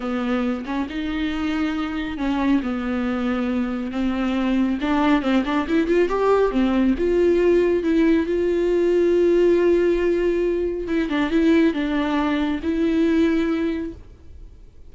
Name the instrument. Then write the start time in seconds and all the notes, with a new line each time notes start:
viola
0.00 B3
0.65 C#4
0.89 D#4
2.17 C#4
2.62 B3
3.91 C4
4.81 D4
5.22 C4
5.45 D4
5.68 E4
5.87 F4
6.08 G4
6.51 C4
6.98 F4
7.83 E4
8.26 F4
10.87 E4
11.09 D4
11.30 E4
11.73 D4
12.62 E4